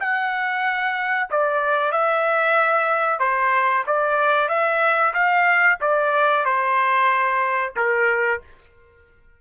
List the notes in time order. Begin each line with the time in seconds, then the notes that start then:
0.00 F#5
1.30 D5
1.92 E5
3.20 C5
3.87 D5
4.49 E5
5.14 F5
5.81 D5
6.45 C5
7.77 A#4